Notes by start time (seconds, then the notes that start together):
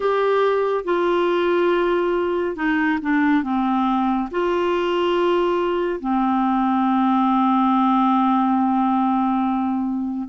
0.00 G4
0.84 F4
2.56 D#4
3.02 D4
3.43 C4
4.31 F4
6.00 C4